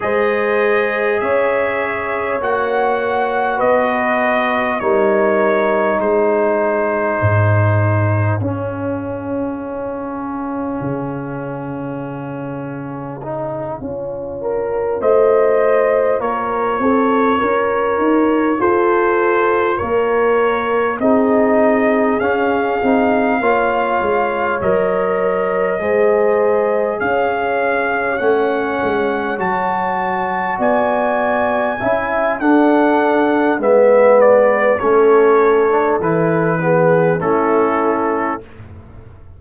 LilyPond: <<
  \new Staff \with { instrumentName = "trumpet" } { \time 4/4 \tempo 4 = 50 dis''4 e''4 fis''4 dis''4 | cis''4 c''2 f''4~ | f''1~ | f''8 dis''4 cis''2 c''8~ |
c''8 cis''4 dis''4 f''4.~ | f''8 dis''2 f''4 fis''8~ | fis''8 a''4 gis''4. fis''4 | e''8 d''8 cis''4 b'4 a'4 | }
  \new Staff \with { instrumentName = "horn" } { \time 4/4 c''4 cis''2 b'4 | ais'4 gis'2.~ | gis'1 | ais'8 c''4 ais'8 a'8 ais'4 a'8~ |
a'8 ais'4 gis'2 cis''8~ | cis''4. c''4 cis''4.~ | cis''4. d''4 e''8 a'4 | b'4 a'4. gis'8 e'4 | }
  \new Staff \with { instrumentName = "trombone" } { \time 4/4 gis'2 fis'2 | dis'2. cis'4~ | cis'2. dis'8 f'8~ | f'1~ |
f'4. dis'4 cis'8 dis'8 f'8~ | f'8 ais'4 gis'2 cis'8~ | cis'8 fis'2 e'8 d'4 | b4 cis'8. d'16 e'8 b8 cis'4 | }
  \new Staff \with { instrumentName = "tuba" } { \time 4/4 gis4 cis'4 ais4 b4 | g4 gis4 gis,4 cis'4~ | cis'4 cis2~ cis8 cis'8~ | cis'8 a4 ais8 c'8 cis'8 dis'8 f'8~ |
f'8 ais4 c'4 cis'8 c'8 ais8 | gis8 fis4 gis4 cis'4 a8 | gis8 fis4 b4 cis'8 d'4 | gis4 a4 e4 a4 | }
>>